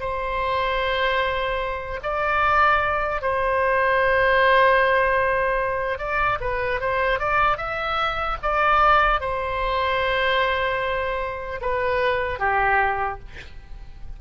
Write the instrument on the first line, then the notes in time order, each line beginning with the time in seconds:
oboe
0.00 C5
2.03 D5
3.21 C5
5.99 D5
6.40 B4
6.80 C5
7.19 D5
7.57 E5
8.42 D5
9.20 C5
11.61 B4
12.39 G4